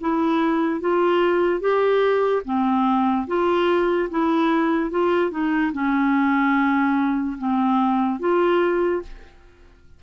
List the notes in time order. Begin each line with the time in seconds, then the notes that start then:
0.00 E4
0.80 F4
1.60 G4
2.44 C4
3.27 F4
4.09 E4
4.90 F4
5.31 D#4
5.73 C#4
7.38 C4
8.19 F4